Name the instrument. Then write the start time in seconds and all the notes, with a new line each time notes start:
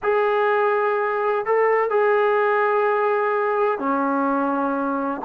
trombone
0.02 G#4
1.45 A4
1.90 G#4
3.78 C#4